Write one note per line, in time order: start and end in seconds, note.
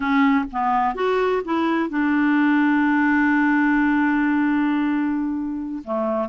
0.00 0.44 C#4
0.52 0.94 B3
0.94 1.42 F#4
1.45 1.89 E4
1.89 5.82 D4
5.84 6.28 A3